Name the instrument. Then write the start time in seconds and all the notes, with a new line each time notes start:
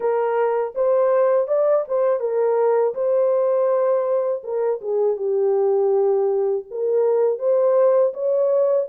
horn
0.00 A#4
0.74 C5
1.47 D5
1.88 C5
2.20 A#4
2.94 C5
4.43 A#4
4.81 G#4
5.16 G4
6.70 A#4
7.38 C5
8.13 C#5